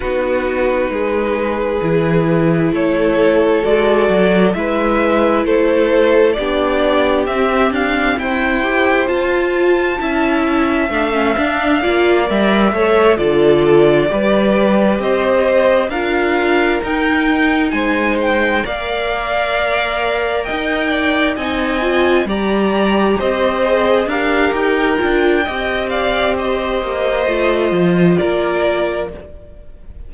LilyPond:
<<
  \new Staff \with { instrumentName = "violin" } { \time 4/4 \tempo 4 = 66 b'2. cis''4 | d''4 e''4 c''4 d''4 | e''8 f''8 g''4 a''2 | f''4. e''4 d''4.~ |
d''8 dis''4 f''4 g''4 gis''8 | g''8 f''2 g''4 gis''8~ | gis''8 ais''4 dis''4 f''8 g''4~ | g''8 f''8 dis''2 d''4 | }
  \new Staff \with { instrumentName = "violin" } { \time 4/4 fis'4 gis'2 a'4~ | a'4 b'4 a'4 g'4~ | g'4 c''2 e''4~ | e''4 d''4 cis''8 a'4 b'8~ |
b'8 c''4 ais'2 c''8~ | c''8 d''2 dis''8 d''8 dis''8~ | dis''8 d''4 c''4 ais'4. | dis''8 d''8 c''2 ais'4 | }
  \new Staff \with { instrumentName = "viola" } { \time 4/4 dis'2 e'2 | fis'4 e'2 d'4 | c'4. g'8 f'4 e'4 | d'16 cis'16 d'8 f'8 ais'8 a'8 f'4 g'8~ |
g'4. f'4 dis'4.~ | dis'8 ais'2. dis'8 | f'8 g'4. gis'8 g'4 f'8 | g'2 f'2 | }
  \new Staff \with { instrumentName = "cello" } { \time 4/4 b4 gis4 e4 a4 | gis8 fis8 gis4 a4 b4 | c'8 d'8 e'4 f'4 cis'4 | a8 d'8 ais8 g8 a8 d4 g8~ |
g8 c'4 d'4 dis'4 gis8~ | gis8 ais2 dis'4 c'8~ | c'8 g4 c'4 d'8 dis'8 d'8 | c'4. ais8 a8 f8 ais4 | }
>>